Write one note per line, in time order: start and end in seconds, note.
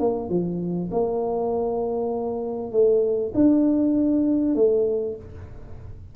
0.00 0.30 A#3
0.30 0.90 F3
0.92 2.72 A#3
2.72 3.33 A3
3.35 4.56 D4
4.56 5.16 A3